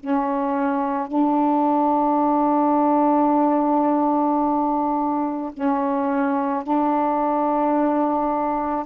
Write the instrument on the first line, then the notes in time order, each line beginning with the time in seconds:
saxophone
0.00 C#4
1.08 D4
5.54 C#4
6.64 D4